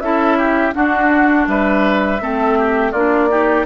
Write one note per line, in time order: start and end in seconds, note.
0.00 0.73 C#4
0.00 0.73 E4
0.00 0.38 A4
0.00 0.73 E5
0.38 0.75 G4
0.73 2.20 D4
0.73 1.48 D4
0.73 1.48 F#4
0.73 1.47 F#5
1.48 2.21 G3
1.48 2.22 B4
1.48 2.92 E5
2.20 2.93 A3
2.20 2.93 C4
2.20 2.59 A4
2.59 2.92 G4
2.92 3.66 A#3
2.92 3.30 D4
2.92 3.29 F4
2.92 3.65 D5
3.30 3.66 D#4
3.30 3.66 G4